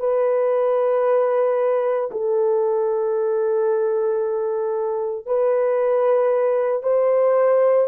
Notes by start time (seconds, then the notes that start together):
0.00 B4
2.11 A4
5.26 B4
6.83 C5